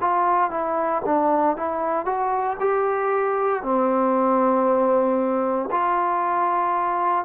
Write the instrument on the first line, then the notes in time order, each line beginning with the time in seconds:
trombone
0.00 F4
0.50 E4
1.05 D4
1.56 E4
2.05 F#4
2.60 G4
3.62 C4
5.70 F4